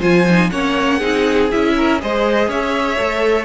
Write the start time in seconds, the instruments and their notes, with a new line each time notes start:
0.00 cello F3, viola F4, violin C5 G#5
0.30 viola D#4
0.51 cello A#3, viola C#4, violin C#5 F#5
0.98 cello C4, viola D#4, violin G#4
1.52 cello C#4, viola E4, violin E5
1.77 violin A#4
2.01 cello G#3, viola G#4, violin C5 D#5
2.49 cello C#4, violin C#5 E5
2.98 cello A3, viola A4